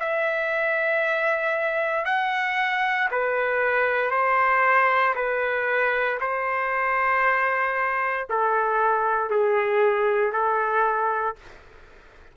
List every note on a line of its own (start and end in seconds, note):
0.00 2.05 E5
2.05 3.09 F#5
3.11 4.11 B4
4.11 5.14 C5
5.15 6.19 B4
6.21 8.28 C5
8.29 9.30 A4
9.30 10.33 G#4
10.33 11.36 A4